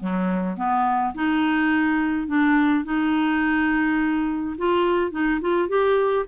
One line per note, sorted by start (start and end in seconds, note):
0.00 0.57 F#3
0.57 1.15 B3
1.15 2.28 D#4
2.28 2.85 D4
2.85 4.57 D#4
4.58 5.12 F4
5.12 5.41 D#4
5.41 5.69 F4
5.69 6.26 G4